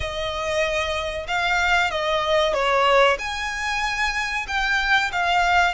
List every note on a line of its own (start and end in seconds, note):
0.00 1.26 D#5
1.27 1.91 F5
1.91 2.53 D#5
2.53 3.17 C#5
3.19 4.46 G#5
4.47 5.11 G5
5.12 5.74 F5